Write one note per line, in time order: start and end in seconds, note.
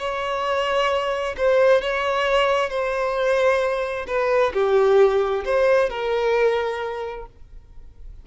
0.00 1.36 C#5
1.38 1.82 C5
1.82 2.70 C#5
2.70 4.07 C5
4.08 4.53 B4
4.54 5.45 G4
5.45 5.90 C5
5.90 7.27 A#4